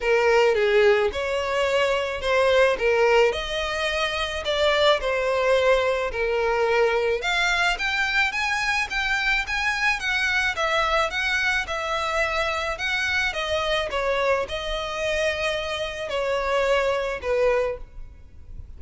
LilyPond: \new Staff \with { instrumentName = "violin" } { \time 4/4 \tempo 4 = 108 ais'4 gis'4 cis''2 | c''4 ais'4 dis''2 | d''4 c''2 ais'4~ | ais'4 f''4 g''4 gis''4 |
g''4 gis''4 fis''4 e''4 | fis''4 e''2 fis''4 | dis''4 cis''4 dis''2~ | dis''4 cis''2 b'4 | }